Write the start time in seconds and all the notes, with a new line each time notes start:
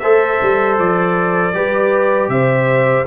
0.00 A3 A4 C5 E5
0.42 G3
0.79 F3 D5
1.54 G3 G4 B4
2.29 C3 C5 E5